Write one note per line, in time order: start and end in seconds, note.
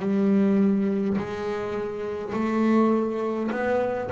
0.00 1.18 G3
1.18 2.34 G#3
2.34 3.51 A3
3.52 4.11 B3